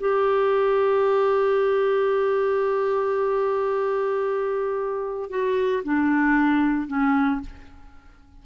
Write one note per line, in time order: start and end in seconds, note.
0.00 5.30 G4
5.30 5.83 F#4
5.84 6.88 D4
6.88 7.41 C#4